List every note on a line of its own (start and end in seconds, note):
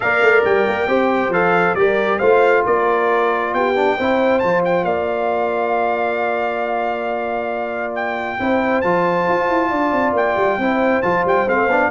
0.00 0.22 A#3
0.00 0.87 A#4
0.00 0.89 D5
0.00 0.44 F5
0.22 0.44 A3
0.44 0.66 G3
0.44 1.33 G5
0.67 0.87 A#3
0.87 1.29 C4
0.87 1.32 G4
0.87 1.78 C5
1.29 1.73 F3
1.29 1.76 A4
1.29 1.75 F5
1.75 2.19 G3
1.75 2.21 G4
1.75 2.18 A#4
1.75 2.19 D5
2.18 2.65 A3
2.18 3.75 F4
2.18 2.62 C5
2.18 2.63 F5
2.65 3.53 A#3
2.65 3.53 A#4
2.65 3.54 D5
3.53 3.97 B3
3.53 3.97 G4
3.53 4.39 G5
3.75 3.97 D4
3.97 4.43 C4
3.97 4.42 E4
3.97 4.85 C5
4.39 4.84 F3
4.39 8.39 F4
4.39 4.61 A5
4.64 4.84 G5
4.84 8.37 A#3
4.84 8.38 D5
4.84 7.93 F5
7.95 8.81 G5
8.39 8.83 C4
8.39 8.83 E4
8.39 9.70 C5
8.81 9.27 F3
8.81 10.60 F4
8.81 10.13 A5
9.28 9.49 F4
9.49 9.71 E4
9.70 9.92 D4
9.70 10.58 D5
9.92 10.12 C4
10.12 10.35 A#3
10.12 11.02 G5
10.36 10.58 G3
10.58 11.02 C4
10.58 11.03 E4
10.58 11.91 C5
11.02 11.25 F3
11.02 11.46 F4
11.02 11.24 A5
11.25 11.47 G3
11.25 11.48 G5
11.46 11.67 A3
11.46 11.68 C4
11.46 11.91 F5
11.67 11.89 B3
11.67 11.91 D4